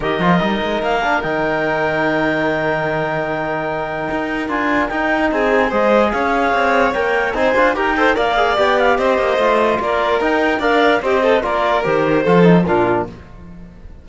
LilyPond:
<<
  \new Staff \with { instrumentName = "clarinet" } { \time 4/4 \tempo 4 = 147 dis''2 f''4 g''4~ | g''1~ | g''2. gis''4 | g''4 gis''4 dis''4 f''4~ |
f''4 g''4 gis''4 g''4 | f''4 g''8 f''8 dis''2 | d''4 g''4 f''4 dis''4 | d''4 c''2 ais'4 | }
  \new Staff \with { instrumentName = "violin" } { \time 4/4 ais'1~ | ais'1~ | ais'1~ | ais'4 gis'4 c''4 cis''4~ |
cis''2 c''4 ais'8 c''8 | d''2 c''2 | ais'2 d''4 g'8 a'8 | ais'2 a'4 f'4 | }
  \new Staff \with { instrumentName = "trombone" } { \time 4/4 g'8 f'8 dis'4. d'8 dis'4~ | dis'1~ | dis'2. f'4 | dis'2 gis'2~ |
gis'4 ais'4 dis'8 f'8 g'8 a'8 | ais'8 gis'8 g'2 f'4~ | f'4 dis'4 ais'4 c''4 | f'4 g'4 f'8 dis'8 d'4 | }
  \new Staff \with { instrumentName = "cello" } { \time 4/4 dis8 f8 g8 gis8 ais4 dis4~ | dis1~ | dis2 dis'4 d'4 | dis'4 c'4 gis4 cis'4 |
c'4 ais4 c'8 d'8 dis'4 | ais4 b4 c'8 ais8 a4 | ais4 dis'4 d'4 c'4 | ais4 dis4 f4 ais,4 | }
>>